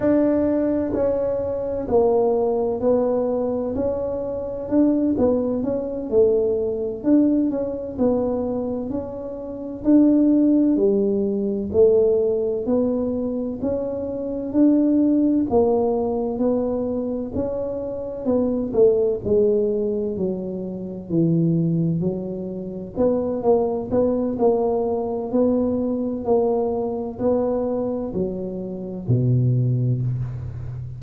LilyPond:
\new Staff \with { instrumentName = "tuba" } { \time 4/4 \tempo 4 = 64 d'4 cis'4 ais4 b4 | cis'4 d'8 b8 cis'8 a4 d'8 | cis'8 b4 cis'4 d'4 g8~ | g8 a4 b4 cis'4 d'8~ |
d'8 ais4 b4 cis'4 b8 | a8 gis4 fis4 e4 fis8~ | fis8 b8 ais8 b8 ais4 b4 | ais4 b4 fis4 b,4 | }